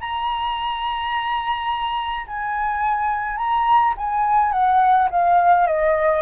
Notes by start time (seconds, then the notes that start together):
0.00 A#5
2.26 G#5
3.37 A#5
3.97 G#5
4.52 F#5
5.10 F5
5.67 D#5